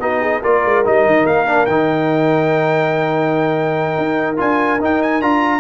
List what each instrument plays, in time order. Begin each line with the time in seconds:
0.00 tuba B3, trombone D#4, horn F#4, trumpet D#5
0.21 horn G#4
0.42 tuba A#3, trombone F4, horn A#4, trumpet D5
0.66 tuba G#3
0.85 tuba G3, trombone D#4, trumpet D#5
1.07 tuba D#3
1.25 tuba A#3, trumpet F5
1.47 trombone D4
1.66 tuba D#3, trombone D#4, trumpet G5
3.98 tuba D#4
4.37 tuba D4, trombone F4, trumpet G#5
4.80 tuba D#4, trombone D#4, trumpet G5
5.03 trumpet G#5
5.21 tuba D4, trombone F4, trumpet A#5